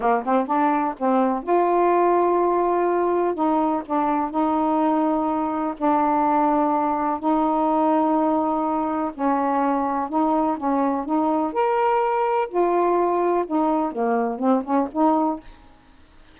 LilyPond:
\new Staff \with { instrumentName = "saxophone" } { \time 4/4 \tempo 4 = 125 ais8 c'8 d'4 c'4 f'4~ | f'2. dis'4 | d'4 dis'2. | d'2. dis'4~ |
dis'2. cis'4~ | cis'4 dis'4 cis'4 dis'4 | ais'2 f'2 | dis'4 ais4 c'8 cis'8 dis'4 | }